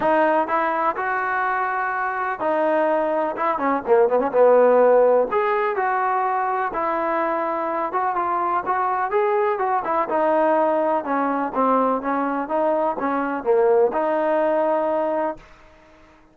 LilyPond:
\new Staff \with { instrumentName = "trombone" } { \time 4/4 \tempo 4 = 125 dis'4 e'4 fis'2~ | fis'4 dis'2 e'8 cis'8 | ais8 b16 cis'16 b2 gis'4 | fis'2 e'2~ |
e'8 fis'8 f'4 fis'4 gis'4 | fis'8 e'8 dis'2 cis'4 | c'4 cis'4 dis'4 cis'4 | ais4 dis'2. | }